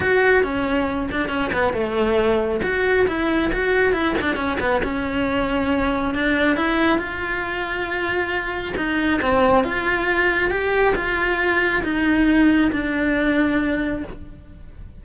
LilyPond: \new Staff \with { instrumentName = "cello" } { \time 4/4 \tempo 4 = 137 fis'4 cis'4. d'8 cis'8 b8 | a2 fis'4 e'4 | fis'4 e'8 d'8 cis'8 b8 cis'4~ | cis'2 d'4 e'4 |
f'1 | dis'4 c'4 f'2 | g'4 f'2 dis'4~ | dis'4 d'2. | }